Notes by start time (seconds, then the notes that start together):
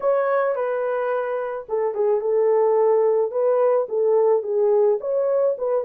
0.00 C#5
0.55 B4
1.68 A4
1.94 G#4
2.20 A4
3.31 B4
3.88 A4
4.42 G#4
5.00 C#5
5.57 B4